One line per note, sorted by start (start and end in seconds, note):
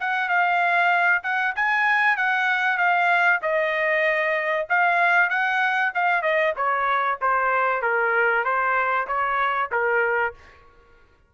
0.00 0.29 F#5
0.29 1.22 F5
1.23 1.55 F#5
1.55 2.17 G#5
2.17 2.78 F#5
2.78 3.40 F5
3.42 4.67 D#5
4.69 5.30 F5
5.30 5.92 F#5
5.94 6.22 F5
6.22 6.53 D#5
6.56 7.19 C#5
7.21 7.82 C5
7.82 8.44 A#4
8.44 9.07 C5
9.07 9.70 C#5
9.71 10.34 A#4